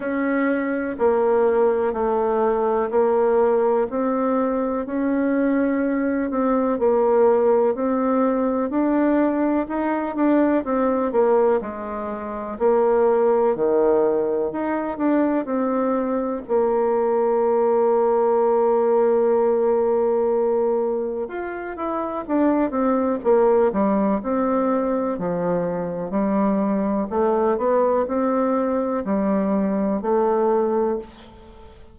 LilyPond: \new Staff \with { instrumentName = "bassoon" } { \time 4/4 \tempo 4 = 62 cis'4 ais4 a4 ais4 | c'4 cis'4. c'8 ais4 | c'4 d'4 dis'8 d'8 c'8 ais8 | gis4 ais4 dis4 dis'8 d'8 |
c'4 ais2.~ | ais2 f'8 e'8 d'8 c'8 | ais8 g8 c'4 f4 g4 | a8 b8 c'4 g4 a4 | }